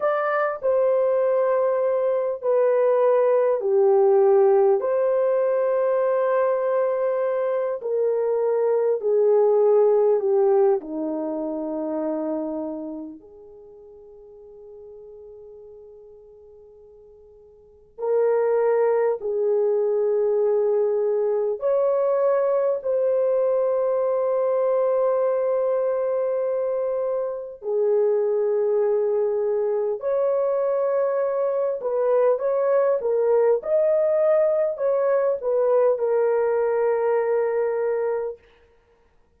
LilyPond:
\new Staff \with { instrumentName = "horn" } { \time 4/4 \tempo 4 = 50 d''8 c''4. b'4 g'4 | c''2~ c''8 ais'4 gis'8~ | gis'8 g'8 dis'2 gis'4~ | gis'2. ais'4 |
gis'2 cis''4 c''4~ | c''2. gis'4~ | gis'4 cis''4. b'8 cis''8 ais'8 | dis''4 cis''8 b'8 ais'2 | }